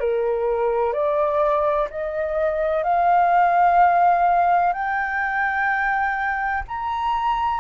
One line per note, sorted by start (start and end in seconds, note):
0.00 0.93 A#4
0.93 1.88 D5
1.90 2.83 D#5
2.83 4.73 F5
4.73 6.63 G5
6.68 7.60 A#5